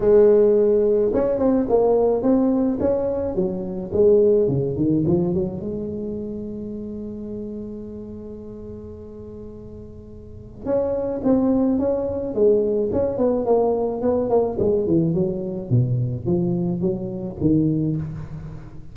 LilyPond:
\new Staff \with { instrumentName = "tuba" } { \time 4/4 \tempo 4 = 107 gis2 cis'8 c'8 ais4 | c'4 cis'4 fis4 gis4 | cis8 dis8 f8 fis8 gis2~ | gis1~ |
gis2. cis'4 | c'4 cis'4 gis4 cis'8 b8 | ais4 b8 ais8 gis8 e8 fis4 | b,4 f4 fis4 dis4 | }